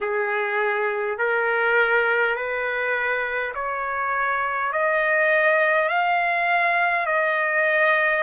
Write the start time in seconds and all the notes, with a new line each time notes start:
0.00 G#4
1.18 A#4
2.35 B4
3.55 C#5
4.72 D#5
5.88 F5
7.06 D#5